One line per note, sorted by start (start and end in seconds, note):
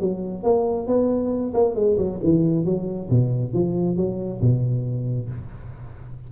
0.00 0.43 F#3
0.43 0.87 A#3
0.87 1.53 B3
1.54 1.75 A#3
1.75 1.97 G#3
1.98 2.20 F#3
2.23 2.65 E3
2.65 3.09 F#3
3.10 3.53 B2
3.53 3.96 F3
3.96 4.41 F#3
4.41 5.29 B2